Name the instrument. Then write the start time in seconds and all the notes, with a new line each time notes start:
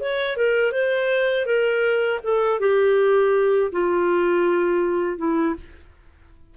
clarinet
0.00 C#5
0.37 A#4
0.72 C5
1.45 A#4
2.23 A4
2.60 G4
3.71 F4
5.18 E4